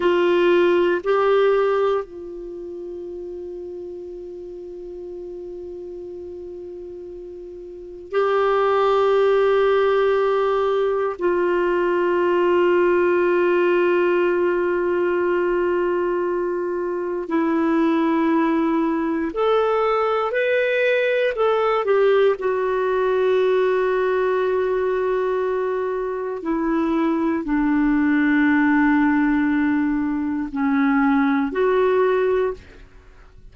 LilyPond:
\new Staff \with { instrumentName = "clarinet" } { \time 4/4 \tempo 4 = 59 f'4 g'4 f'2~ | f'1 | g'2. f'4~ | f'1~ |
f'4 e'2 a'4 | b'4 a'8 g'8 fis'2~ | fis'2 e'4 d'4~ | d'2 cis'4 fis'4 | }